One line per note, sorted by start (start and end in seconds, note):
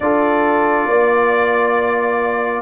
0.00 0.85 D4
0.00 2.62 F4
0.00 0.88 A4
0.00 2.62 D5
0.85 2.62 A#3
0.85 2.62 D5